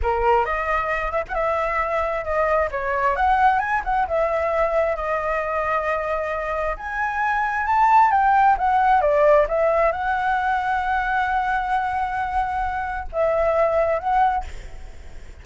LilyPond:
\new Staff \with { instrumentName = "flute" } { \time 4/4 \tempo 4 = 133 ais'4 dis''4. e''16 fis''16 e''4~ | e''4 dis''4 cis''4 fis''4 | gis''8 fis''8 e''2 dis''4~ | dis''2. gis''4~ |
gis''4 a''4 g''4 fis''4 | d''4 e''4 fis''2~ | fis''1~ | fis''4 e''2 fis''4 | }